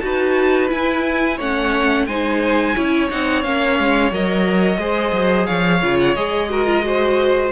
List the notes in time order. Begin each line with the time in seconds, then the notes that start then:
0.00 D#4 F#4 B4 A5
0.68 E4 G#5
1.37 A3 C#4 C#5 F#5
2.06 G#3 D#4 C5 G#5
2.75 C#4 E4 C#5
3.10 C4 D#4 F#5
3.43 A#3 C#4 F5
3.79 G#3
4.11 F#3 A#4 D#5
4.77 G#3 G#4 C5
5.12 F#3
5.46 F3 C#5 F5
5.82 C#3 F4
6.00 F#5
6.14 G#3 G#4 D#5
6.49 F#4 A#4
6.66 F4
6.82 F#4 C5